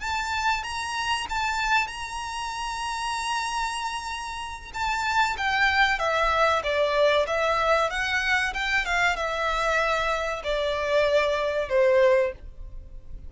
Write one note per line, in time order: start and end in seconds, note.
0.00 0.63 A5
0.63 1.26 A#5
1.29 1.87 A5
1.87 4.71 A#5
4.73 5.37 A5
5.37 5.99 G5
5.99 6.62 E5
6.63 7.26 D5
7.27 7.90 E5
7.90 8.53 F#5
8.53 8.85 G5
8.85 9.16 F5
9.16 10.42 E5
10.43 11.69 D5
11.69 12.32 C5